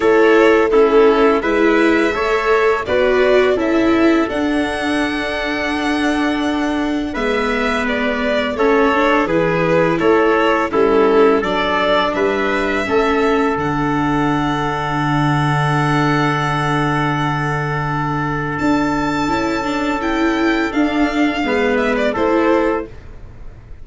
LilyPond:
<<
  \new Staff \with { instrumentName = "violin" } { \time 4/4 \tempo 4 = 84 cis''4 a'4 e''2 | d''4 e''4 fis''2~ | fis''2 e''4 d''4 | cis''4 b'4 cis''4 a'4 |
d''4 e''2 fis''4~ | fis''1~ | fis''2 a''2 | g''4 f''4. e''16 d''16 c''4 | }
  \new Staff \with { instrumentName = "trumpet" } { \time 4/4 a'4 e'4 b'4 cis''4 | b'4 a'2.~ | a'2 b'2 | a'4 gis'4 a'4 e'4 |
a'4 b'4 a'2~ | a'1~ | a'1~ | a'2 b'4 a'4 | }
  \new Staff \with { instrumentName = "viola" } { \time 4/4 e'4 cis'4 e'4 a'4 | fis'4 e'4 d'2~ | d'2 b2 | cis'8 d'8 e'2 cis'4 |
d'2 cis'4 d'4~ | d'1~ | d'2. e'8 d'8 | e'4 d'4 b4 e'4 | }
  \new Staff \with { instrumentName = "tuba" } { \time 4/4 a2 gis4 a4 | b4 cis'4 d'2~ | d'2 gis2 | a4 e4 a4 g4 |
fis4 g4 a4 d4~ | d1~ | d2 d'4 cis'4~ | cis'4 d'4 gis4 a4 | }
>>